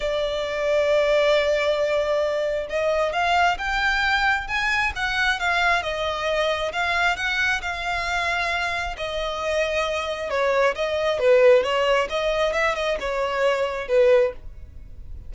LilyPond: \new Staff \with { instrumentName = "violin" } { \time 4/4 \tempo 4 = 134 d''1~ | d''2 dis''4 f''4 | g''2 gis''4 fis''4 | f''4 dis''2 f''4 |
fis''4 f''2. | dis''2. cis''4 | dis''4 b'4 cis''4 dis''4 | e''8 dis''8 cis''2 b'4 | }